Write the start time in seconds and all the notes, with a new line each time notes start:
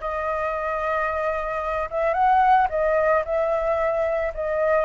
0.00 D#5
1.90 E5
2.13 F#5
2.70 D#5
3.25 E5
4.34 D#5